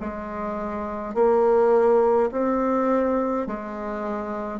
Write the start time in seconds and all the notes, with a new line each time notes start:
0.00 G#3
1.14 A#3
2.31 C4
3.47 G#3